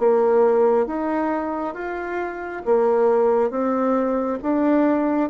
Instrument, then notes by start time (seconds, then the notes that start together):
bassoon
0.00 A#3
0.87 D#4
1.75 F4
2.66 A#3
3.51 C4
4.43 D4